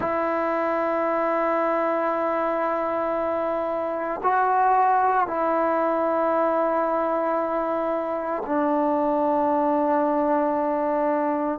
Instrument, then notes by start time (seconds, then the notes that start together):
trombone
0.00 E4
4.23 F#4
5.27 E4
8.45 D4